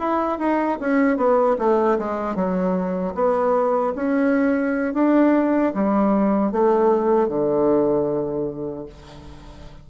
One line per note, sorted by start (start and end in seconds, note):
0.00 0.39 E4
0.39 0.79 D#4
0.81 1.17 C#4
1.17 1.57 B3
1.59 1.99 A3
1.99 2.36 G#3
2.36 3.15 F#3
3.15 3.94 B3
3.96 4.94 C#4
4.94 5.73 D4
5.75 6.52 G3
6.52 7.28 A3
7.28 8.86 D3